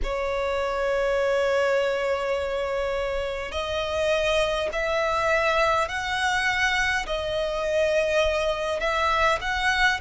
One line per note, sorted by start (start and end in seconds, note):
0.03 3.51 C#5
3.51 4.69 D#5
4.72 5.88 E5
5.88 7.06 F#5
7.06 8.79 D#5
8.79 9.39 E5
9.41 10.00 F#5